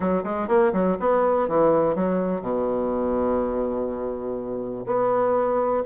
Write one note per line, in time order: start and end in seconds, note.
0.00 0.22 F#3
0.23 0.47 G#3
0.48 0.72 A#3
0.73 0.97 F#3
0.99 1.48 B3
1.48 1.95 E3
1.95 2.41 F#3
2.41 4.85 B2
4.86 5.83 B3